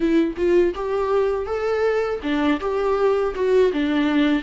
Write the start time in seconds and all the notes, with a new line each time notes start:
0.00 E4
0.36 F4
0.74 G4
1.46 A4
2.23 D4
2.60 G4
3.34 F#4
3.72 D4